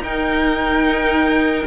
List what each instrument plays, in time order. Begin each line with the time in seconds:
0.00 cello D#4, viola D#4, violin A#4 G5